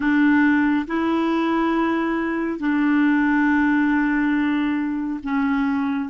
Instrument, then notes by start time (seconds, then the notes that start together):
clarinet
0.00 D4
0.87 E4
2.59 D4
5.23 C#4